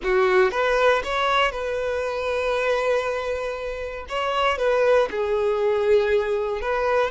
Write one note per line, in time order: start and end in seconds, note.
0.03 0.51 F#4
0.51 1.02 B4
1.04 1.51 C#5
1.51 4.05 B4
4.08 4.58 C#5
4.58 5.08 B4
5.11 6.61 G#4
6.61 7.10 B4